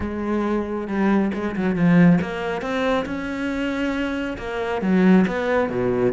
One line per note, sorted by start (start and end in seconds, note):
0.00 0.87 G#3
0.87 1.31 G3
1.34 1.55 G#3
1.56 1.75 F#3
1.75 2.19 F3
2.21 2.61 A#3
2.61 3.05 C4
3.05 4.37 C#4
4.38 4.81 A#3
4.81 5.25 F#3
5.27 5.69 B3
5.69 6.12 B2